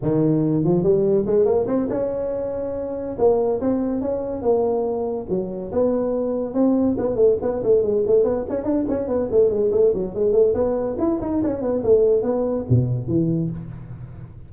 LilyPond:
\new Staff \with { instrumentName = "tuba" } { \time 4/4 \tempo 4 = 142 dis4. f8 g4 gis8 ais8 | c'8 cis'2. ais8~ | ais8 c'4 cis'4 ais4.~ | ais8 fis4 b2 c'8~ |
c'8 b8 a8 b8 a8 gis8 a8 b8 | cis'8 d'8 cis'8 b8 a8 gis8 a8 fis8 | gis8 a8 b4 e'8 dis'8 cis'8 b8 | a4 b4 b,4 e4 | }